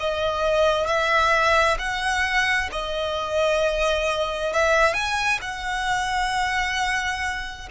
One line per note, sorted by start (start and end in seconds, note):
0.00 0.87 D#5
0.87 1.78 E5
1.79 2.70 F#5
2.72 4.53 D#5
4.53 4.94 E5
4.94 5.39 G#5
5.42 7.69 F#5